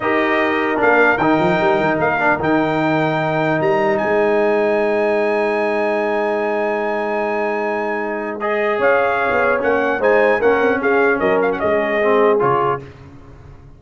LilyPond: <<
  \new Staff \with { instrumentName = "trumpet" } { \time 4/4 \tempo 4 = 150 dis''2 f''4 g''4~ | g''4 f''4 g''2~ | g''4 ais''4 gis''2~ | gis''1~ |
gis''1~ | gis''4 dis''4 f''2 | fis''4 gis''4 fis''4 f''4 | dis''8 f''16 fis''16 dis''2 cis''4 | }
  \new Staff \with { instrumentName = "horn" } { \time 4/4 ais'1~ | ais'1~ | ais'2 c''2~ | c''1~ |
c''1~ | c''2 cis''2~ | cis''4 c''4 ais'4 gis'4 | ais'4 gis'2. | }
  \new Staff \with { instrumentName = "trombone" } { \time 4/4 g'2 d'4 dis'4~ | dis'4. d'8 dis'2~ | dis'1~ | dis'1~ |
dis'1~ | dis'4 gis'2. | cis'4 dis'4 cis'2~ | cis'2 c'4 f'4 | }
  \new Staff \with { instrumentName = "tuba" } { \time 4/4 dis'2 ais4 dis8 f8 | g8 dis8 ais4 dis2~ | dis4 g4 gis2~ | gis1~ |
gis1~ | gis2 cis'4~ cis'16 b8. | ais4 gis4 ais8 c'8 cis'4 | fis4 gis2 cis4 | }
>>